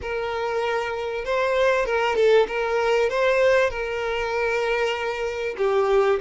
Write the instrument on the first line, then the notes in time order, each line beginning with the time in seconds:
violin
0.01 A#4
1.25 C5
1.85 A#4
2.15 A4
2.47 A#4
3.09 C5
3.69 A#4
5.57 G4